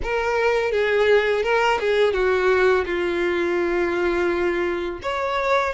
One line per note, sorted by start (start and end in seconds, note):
0.03 0.71 A#4
0.71 1.43 G#4
1.43 1.79 A#4
1.80 2.13 G#4
2.13 2.84 F#4
2.85 4.99 F4
5.02 5.73 C#5